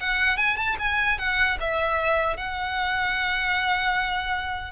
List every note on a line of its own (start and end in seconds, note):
0.00 0.37 F#5
0.37 0.56 G#5
0.56 0.76 A5
0.79 1.18 G#5
1.18 1.58 F#5
1.60 2.36 E5
2.36 4.72 F#5